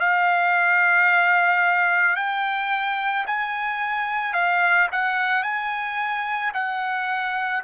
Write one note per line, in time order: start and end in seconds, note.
0.00 2.16 F5
2.16 3.25 G5
3.26 4.33 G#5
4.33 4.88 F5
4.92 5.43 F#5
5.43 6.52 G#5
6.54 7.63 F#5